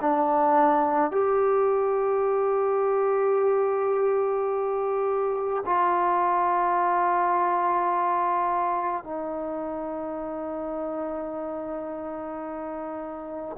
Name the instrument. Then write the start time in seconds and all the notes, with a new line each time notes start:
trombone
0.00 D4
1.11 G4
5.66 F4
9.04 D#4